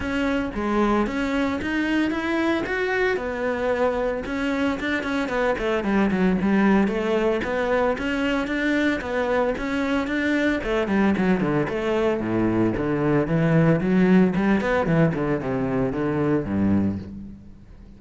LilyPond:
\new Staff \with { instrumentName = "cello" } { \time 4/4 \tempo 4 = 113 cis'4 gis4 cis'4 dis'4 | e'4 fis'4 b2 | cis'4 d'8 cis'8 b8 a8 g8 fis8 | g4 a4 b4 cis'4 |
d'4 b4 cis'4 d'4 | a8 g8 fis8 d8 a4 a,4 | d4 e4 fis4 g8 b8 | e8 d8 c4 d4 g,4 | }